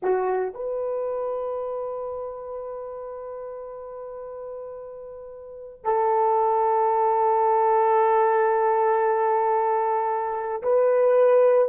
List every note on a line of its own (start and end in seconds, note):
0.02 0.54 F#4
0.54 5.84 B4
5.84 10.62 A4
10.62 11.68 B4